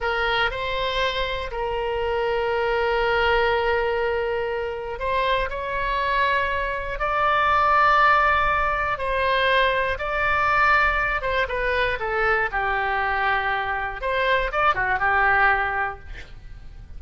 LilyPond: \new Staff \with { instrumentName = "oboe" } { \time 4/4 \tempo 4 = 120 ais'4 c''2 ais'4~ | ais'1~ | ais'2 c''4 cis''4~ | cis''2 d''2~ |
d''2 c''2 | d''2~ d''8 c''8 b'4 | a'4 g'2. | c''4 d''8 fis'8 g'2 | }